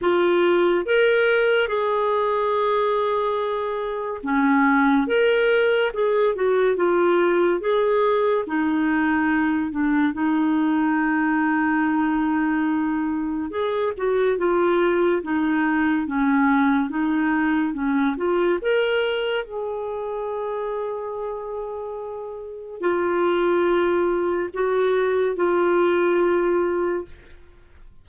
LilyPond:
\new Staff \with { instrumentName = "clarinet" } { \time 4/4 \tempo 4 = 71 f'4 ais'4 gis'2~ | gis'4 cis'4 ais'4 gis'8 fis'8 | f'4 gis'4 dis'4. d'8 | dis'1 |
gis'8 fis'8 f'4 dis'4 cis'4 | dis'4 cis'8 f'8 ais'4 gis'4~ | gis'2. f'4~ | f'4 fis'4 f'2 | }